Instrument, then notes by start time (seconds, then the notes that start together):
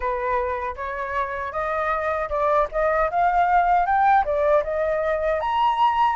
flute
0.00 B4
0.76 C#5
1.52 D#5
2.29 D5
2.71 D#5
3.10 F5
3.86 G5
4.24 D5
4.63 D#5
5.40 A#5